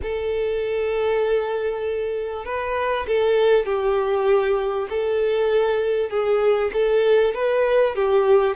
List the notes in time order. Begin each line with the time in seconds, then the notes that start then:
0.02 A4
2.45 B4
3.07 A4
3.65 G4
4.89 A4
6.10 G#4
6.73 A4
7.34 B4
7.95 G4